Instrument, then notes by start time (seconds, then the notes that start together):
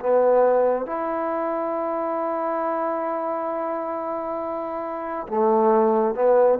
trombone
0.00 B3
0.86 E4
5.28 A3
6.15 B3